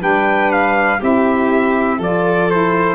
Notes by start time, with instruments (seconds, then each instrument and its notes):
0.00 tuba G3, saxophone D4, violin B4, trumpet G5
0.52 trumpet F5
1.00 tuba C4, saxophone E4, violin G4, trumpet E5
1.98 tuba F3, saxophone F4, violin A4, trumpet D5
2.50 saxophone E4, trumpet C5